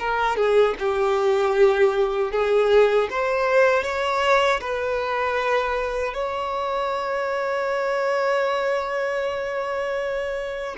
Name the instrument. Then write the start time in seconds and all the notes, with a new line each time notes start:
violin
0.00 A#4
0.37 G#4
0.79 G4
2.31 G#4
3.10 C5
3.84 C#5
4.61 B4
6.14 C#5